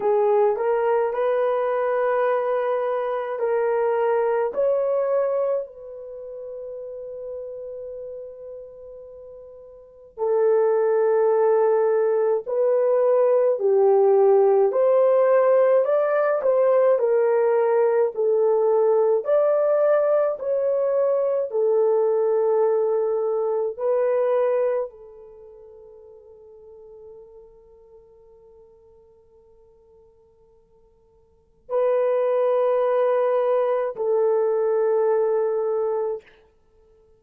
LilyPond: \new Staff \with { instrumentName = "horn" } { \time 4/4 \tempo 4 = 53 gis'8 ais'8 b'2 ais'4 | cis''4 b'2.~ | b'4 a'2 b'4 | g'4 c''4 d''8 c''8 ais'4 |
a'4 d''4 cis''4 a'4~ | a'4 b'4 a'2~ | a'1 | b'2 a'2 | }